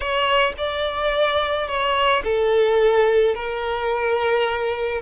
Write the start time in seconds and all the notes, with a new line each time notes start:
0.00 C#5
0.57 D5
1.67 C#5
2.24 A4
3.34 A#4